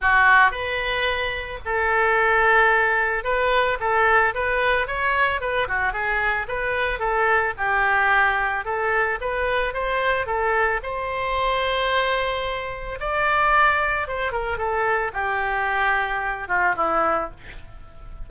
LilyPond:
\new Staff \with { instrumentName = "oboe" } { \time 4/4 \tempo 4 = 111 fis'4 b'2 a'4~ | a'2 b'4 a'4 | b'4 cis''4 b'8 fis'8 gis'4 | b'4 a'4 g'2 |
a'4 b'4 c''4 a'4 | c''1 | d''2 c''8 ais'8 a'4 | g'2~ g'8 f'8 e'4 | }